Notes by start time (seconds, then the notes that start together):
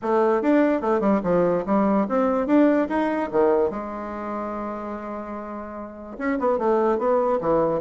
0.02 A3
0.42 D4
0.81 A3
1.00 G3
1.23 F3
1.66 G3
2.08 C4
2.46 D4
2.88 D#4
3.31 D#3
3.70 G#3
6.18 C#4
6.39 B3
6.58 A3
6.98 B3
7.41 E3